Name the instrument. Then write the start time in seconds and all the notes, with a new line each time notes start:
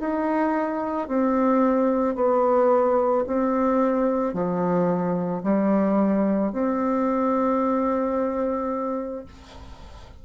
bassoon
0.00 D#4
1.09 C4
2.16 B3
3.27 C4
4.34 F3
5.44 G3
6.53 C4